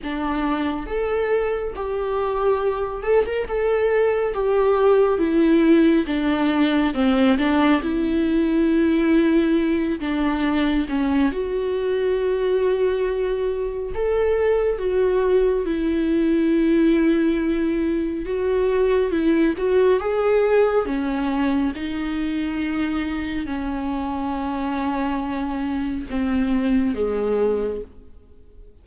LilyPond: \new Staff \with { instrumentName = "viola" } { \time 4/4 \tempo 4 = 69 d'4 a'4 g'4. a'16 ais'16 | a'4 g'4 e'4 d'4 | c'8 d'8 e'2~ e'8 d'8~ | d'8 cis'8 fis'2. |
a'4 fis'4 e'2~ | e'4 fis'4 e'8 fis'8 gis'4 | cis'4 dis'2 cis'4~ | cis'2 c'4 gis4 | }